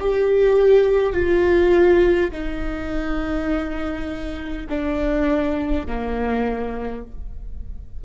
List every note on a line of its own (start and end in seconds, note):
0.00 1.13 G4
1.13 2.30 F4
2.31 4.66 D#4
4.68 5.86 D4
5.86 7.04 A#3